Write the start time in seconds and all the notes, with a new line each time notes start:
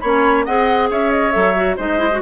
0.00 A#3 C#4 C#5 B5
0.45 C4 G#4 D#5 F#5
0.90 C#4 C#5 E5
1.12 D#5
1.32 F#3 A4 E5
1.56 F#4
1.77 G#3 D#4 C5 D#5
1.98 E4
2.12 F#4